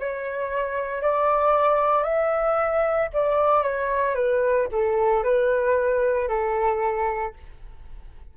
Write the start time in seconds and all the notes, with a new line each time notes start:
0.00 C#5
1.02 D5
2.03 E5
3.13 D5
3.63 C#5
4.15 B4
4.72 A4
5.24 B4
6.29 A4